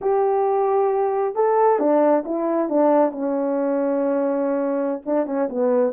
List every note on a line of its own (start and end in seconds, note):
0.01 1.35 G4
1.35 1.79 A4
1.79 2.24 D4
2.25 2.69 E4
2.69 3.11 D4
3.11 5.02 C#4
5.05 5.26 D4
5.26 5.48 C#4
5.49 5.93 B3